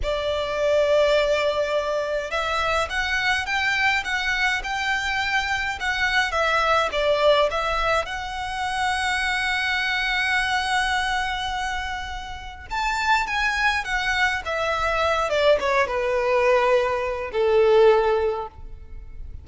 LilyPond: \new Staff \with { instrumentName = "violin" } { \time 4/4 \tempo 4 = 104 d''1 | e''4 fis''4 g''4 fis''4 | g''2 fis''4 e''4 | d''4 e''4 fis''2~ |
fis''1~ | fis''2 a''4 gis''4 | fis''4 e''4. d''8 cis''8 b'8~ | b'2 a'2 | }